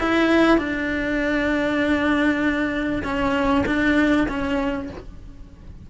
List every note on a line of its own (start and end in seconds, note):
0.00 0.58 E4
0.58 3.03 D4
3.03 3.65 C#4
3.66 4.27 D4
4.28 4.90 C#4